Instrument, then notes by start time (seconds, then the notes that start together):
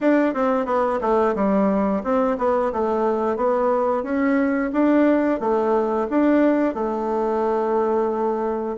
bassoon
0.00 D4
0.34 C4
0.65 B3
1.01 A3
1.35 G3
2.03 C4
2.38 B3
2.72 A3
3.36 B3
4.03 C#4
4.73 D4
5.39 A3
6.09 D4
6.74 A3